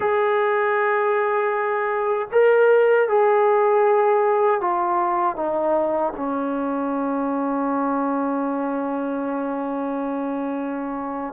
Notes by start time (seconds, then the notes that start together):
0.00 G#4
2.31 A#4
3.08 G#4
4.60 F4
5.36 D#4
6.16 C#4